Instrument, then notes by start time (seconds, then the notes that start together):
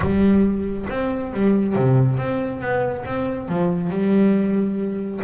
double bass
0.00 G3
0.89 C4
1.33 G3
1.75 C3
2.17 C4
2.60 B3
3.05 C4
3.48 F3
3.89 G3